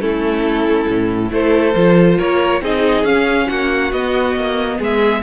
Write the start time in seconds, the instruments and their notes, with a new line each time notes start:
0.00 cello A3, viola C#4, violin E4 A4
0.88 cello A2
1.30 cello A3, viola E4, violin A4 C5
1.75 cello F3, viola F4
2.18 cello A#3, violin A#4 C#5
2.62 cello C4, viola D#4, violin G#4 D#5
3.04 cello C#4, viola C#4, violin F5
3.47 cello A#3, violin F#4 F#5
3.92 cello B3, viola B3, violin D#5
4.36 cello A#3
4.79 cello G#3, violin G#4 E5